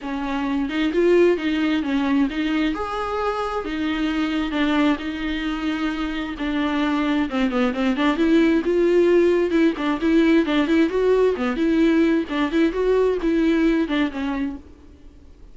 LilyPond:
\new Staff \with { instrumentName = "viola" } { \time 4/4 \tempo 4 = 132 cis'4. dis'8 f'4 dis'4 | cis'4 dis'4 gis'2 | dis'2 d'4 dis'4~ | dis'2 d'2 |
c'8 b8 c'8 d'8 e'4 f'4~ | f'4 e'8 d'8 e'4 d'8 e'8 | fis'4 b8 e'4. d'8 e'8 | fis'4 e'4. d'8 cis'4 | }